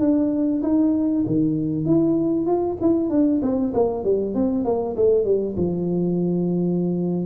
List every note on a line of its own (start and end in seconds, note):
0.00 0.62 D4
0.63 1.25 D#4
1.27 1.86 D#3
1.86 2.46 E4
2.46 2.77 F4
2.81 3.10 E4
3.10 3.41 D4
3.42 3.73 C4
3.74 4.04 A#3
4.04 4.35 G3
4.35 4.65 C4
4.65 4.96 A#3
4.97 5.25 A3
5.25 5.56 G3
5.57 7.26 F3